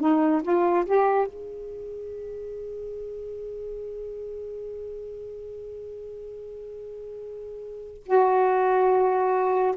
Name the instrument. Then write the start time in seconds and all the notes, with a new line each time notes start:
saxophone
0.00 D#4
0.43 F4
0.86 G4
1.27 G#4
8.06 F#4